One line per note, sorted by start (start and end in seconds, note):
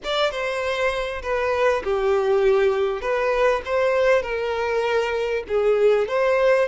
0.04 0.31 D5
0.31 1.21 C5
1.22 1.82 B4
1.83 3.01 G4
3.01 3.61 B4
3.65 4.22 C5
4.22 5.43 A#4
5.48 6.07 G#4
6.07 6.68 C5